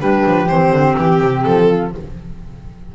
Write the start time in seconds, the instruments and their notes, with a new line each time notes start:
0.00 double bass G3, clarinet D4, flute G4, violin B4
0.26 double bass F3
0.48 double bass E3, clarinet C4, violin C5
0.72 double bass D3
0.98 double bass E3, violin G4
1.22 double bass C3
1.44 double bass F3, violin A4
1.68 flute F4